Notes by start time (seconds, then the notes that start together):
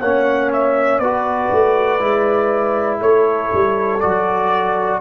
0.00 A#3 C#4 C#5 F#5
0.53 E5
0.99 B3 F#4 B4 D5
1.51 A3
1.99 G#3 E4
3.00 A3 A4 C#5
3.53 G3
4.00 F#3 F#4 D5